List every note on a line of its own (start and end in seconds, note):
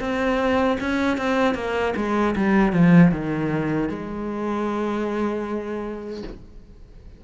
0.00 0.78 C4
0.81 1.18 C#4
1.18 1.55 C4
1.55 1.94 A#3
1.97 2.36 G#3
2.36 2.73 G3
2.73 3.12 F3
3.12 3.90 D#3
3.90 6.23 G#3